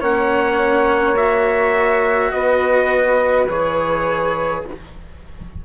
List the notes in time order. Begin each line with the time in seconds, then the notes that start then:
0.00 A#3 C#4 C#5 F#5
1.16 F#4 E5
2.31 B3 B4 D#5
3.49 E3 G#4 C#5